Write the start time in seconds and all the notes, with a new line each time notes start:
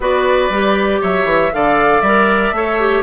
0.00 B3 F#4 B4 D5
0.49 G3 G4
1.01 F#3 C#5 E5
1.24 E3
1.52 D3 A4 D5 F5
2.01 G3 A#4 E5
2.51 A3 A4 C#5
2.79 G4